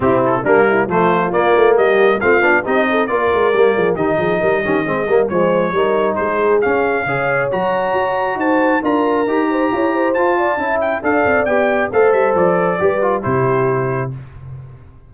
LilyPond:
<<
  \new Staff \with { instrumentName = "trumpet" } { \time 4/4 \tempo 4 = 136 g'8 a'8 ais'4 c''4 d''4 | dis''4 f''4 dis''4 d''4~ | d''4 dis''2. | cis''2 c''4 f''4~ |
f''4 ais''2 a''4 | ais''2. a''4~ | a''8 g''8 f''4 g''4 f''8 e''8 | d''2 c''2 | }
  \new Staff \with { instrumentName = "horn" } { \time 4/4 e'4 d'8 e'8 f'2 | g'4 f'4 g'8 a'8 ais'4~ | ais'8 gis'8 g'8 gis'8 ais'8 g'8 gis'8 ais'8 | c''4 ais'4 gis'2 |
cis''2. c''4 | ais'4. c''8 cis''8 c''4 d''8 | e''4 d''2 c''4~ | c''4 b'4 g'2 | }
  \new Staff \with { instrumentName = "trombone" } { \time 4/4 c'4 ais4 a4 ais4~ | ais4 c'8 d'8 dis'4 f'4 | ais4 dis'4. cis'8 c'8 ais8 | gis4 dis'2 cis'4 |
gis'4 fis'2. | f'4 g'2 f'4 | e'4 a'4 g'4 a'4~ | a'4 g'8 f'8 e'2 | }
  \new Staff \with { instrumentName = "tuba" } { \time 4/4 c4 g4 f4 ais8 a8 | g4 a8 b8 c'4 ais8 gis8 | g8 f8 dis8 f8 g8 dis8 gis8 g8 | f4 g4 gis4 cis'4 |
cis4 fis4 fis'4 dis'4 | d'4 dis'4 e'4 f'4 | cis'4 d'8 c'8 b4 a8 g8 | f4 g4 c2 | }
>>